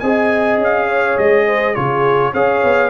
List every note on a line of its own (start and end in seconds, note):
0.00 0.58 C4
0.00 1.75 G#4
0.00 0.86 D#5
0.00 0.58 G#5
0.58 1.16 C#4
0.58 1.18 F5
0.86 1.45 C#5
1.18 1.76 G#3
1.18 1.75 D#5
1.46 1.76 C5
1.75 2.34 C#3
1.75 2.33 F4
1.75 2.33 G#4
1.75 2.33 C#5
2.33 2.63 C#4
2.33 2.90 G#4
2.33 2.90 C#5
2.33 2.90 F5
2.63 2.90 B3